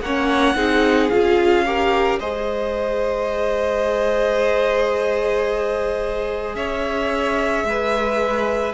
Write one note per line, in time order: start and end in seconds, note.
0.00 0.55 A#3
0.00 0.55 C#4
0.00 0.56 C#5
0.00 1.09 F#5
0.55 1.09 C4
0.55 1.10 D#4
0.55 1.65 G#4
1.09 2.20 C#4
1.09 1.65 F4
1.09 2.18 F5
1.65 2.20 G4
1.65 2.19 A#4
2.19 6.54 G#3
2.19 8.73 G#4
2.19 6.56 C5
2.19 6.55 D#5
6.54 7.63 C#4
6.54 7.65 C#5
6.54 8.73 E5
7.63 8.72 G#3
7.63 8.73 B4